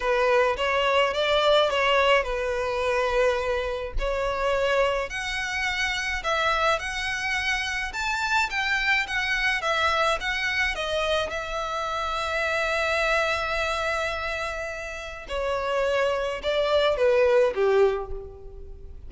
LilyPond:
\new Staff \with { instrumentName = "violin" } { \time 4/4 \tempo 4 = 106 b'4 cis''4 d''4 cis''4 | b'2. cis''4~ | cis''4 fis''2 e''4 | fis''2 a''4 g''4 |
fis''4 e''4 fis''4 dis''4 | e''1~ | e''2. cis''4~ | cis''4 d''4 b'4 g'4 | }